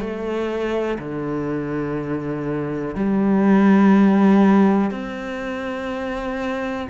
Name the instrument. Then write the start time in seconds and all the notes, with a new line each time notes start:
cello
0.00 A3
0.99 D3
2.95 G3
4.91 C4